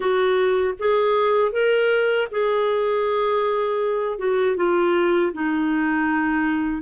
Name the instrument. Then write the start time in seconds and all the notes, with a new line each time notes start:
clarinet
0.00 F#4
0.79 G#4
1.52 A#4
2.31 G#4
4.18 F#4
4.56 F4
5.33 D#4